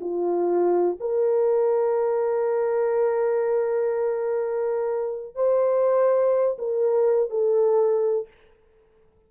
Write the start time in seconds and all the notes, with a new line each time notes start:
0.00 F4
1.00 A#4
5.35 C5
6.59 A#4
7.30 A4